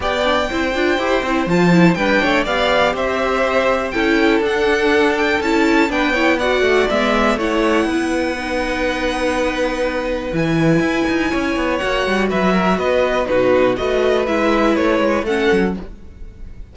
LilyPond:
<<
  \new Staff \with { instrumentName = "violin" } { \time 4/4 \tempo 4 = 122 g''2. a''4 | g''4 f''4 e''2 | g''4 fis''4. g''8 a''4 | g''4 fis''4 e''4 fis''4~ |
fis''1~ | fis''4 gis''2. | fis''4 e''4 dis''4 b'4 | dis''4 e''4 cis''4 fis''4 | }
  \new Staff \with { instrumentName = "violin" } { \time 4/4 d''4 c''2. | b'8 cis''8 d''4 c''2 | a'1 | b'8 cis''8 d''2 cis''4 |
b'1~ | b'2. cis''4~ | cis''4 b'8 ais'8 b'4 fis'4 | b'2. a'4 | }
  \new Staff \with { instrumentName = "viola" } { \time 4/4 g'8 d'8 e'8 f'8 g'8 e'8 f'8 e'8 | d'4 g'2. | e'4 d'2 e'4 | d'8 e'8 fis'4 b4 e'4~ |
e'4 dis'2.~ | dis'4 e'2. | fis'2. dis'4 | fis'4 e'2 cis'4 | }
  \new Staff \with { instrumentName = "cello" } { \time 4/4 b4 c'8 d'8 e'8 c'8 f4 | g8 a8 b4 c'2 | cis'4 d'2 cis'4 | b4. a8 gis4 a4 |
b1~ | b4 e4 e'8 dis'8 cis'8 b8 | ais8 g8 fis4 b4 b,4 | a4 gis4 a8 gis8 a8 fis8 | }
>>